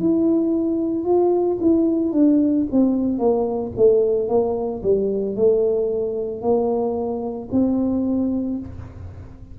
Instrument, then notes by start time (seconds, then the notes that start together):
tuba
0.00 E4
1.05 F4
1.61 E4
2.12 D4
2.72 C4
3.19 A#3
3.76 A3
4.29 A#3
4.83 G3
5.36 A3
6.42 A#3
7.52 C4